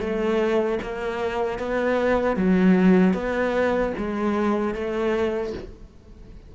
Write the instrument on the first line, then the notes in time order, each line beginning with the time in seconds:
cello
0.00 A3
0.82 A#3
1.59 B3
2.36 F#3
3.14 B3
3.98 G#3
4.74 A3